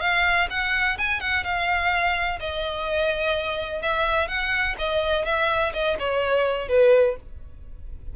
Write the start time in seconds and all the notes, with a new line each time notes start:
0.00 F5
0.50 F#5
0.98 G#5
1.20 F#5
1.44 F5
2.40 D#5
3.82 E5
4.28 F#5
4.78 D#5
5.25 E5
5.73 D#5
5.99 C#5
6.68 B4